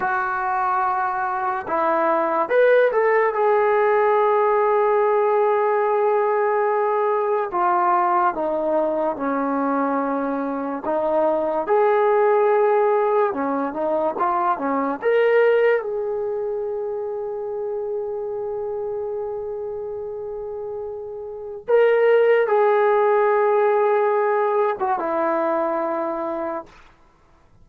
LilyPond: \new Staff \with { instrumentName = "trombone" } { \time 4/4 \tempo 4 = 72 fis'2 e'4 b'8 a'8 | gis'1~ | gis'4 f'4 dis'4 cis'4~ | cis'4 dis'4 gis'2 |
cis'8 dis'8 f'8 cis'8 ais'4 gis'4~ | gis'1~ | gis'2 ais'4 gis'4~ | gis'4.~ gis'16 fis'16 e'2 | }